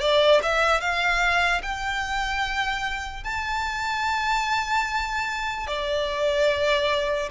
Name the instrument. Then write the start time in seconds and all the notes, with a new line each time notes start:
violin
0.00 D5
0.42 E5
0.80 F5
1.62 G5
3.24 A5
5.67 D5